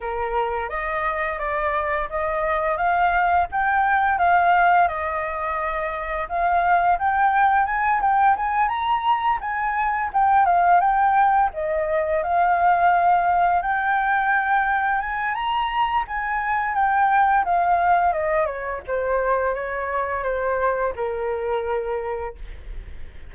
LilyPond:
\new Staff \with { instrumentName = "flute" } { \time 4/4 \tempo 4 = 86 ais'4 dis''4 d''4 dis''4 | f''4 g''4 f''4 dis''4~ | dis''4 f''4 g''4 gis''8 g''8 | gis''8 ais''4 gis''4 g''8 f''8 g''8~ |
g''8 dis''4 f''2 g''8~ | g''4. gis''8 ais''4 gis''4 | g''4 f''4 dis''8 cis''8 c''4 | cis''4 c''4 ais'2 | }